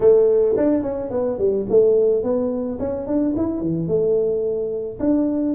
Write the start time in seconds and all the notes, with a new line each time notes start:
0.00 A3
0.56 D4
0.82 C#4
1.10 B3
1.38 G3
1.69 A3
2.23 B3
2.79 C#4
3.07 D4
3.36 E4
3.61 E3
3.87 A3
4.99 D4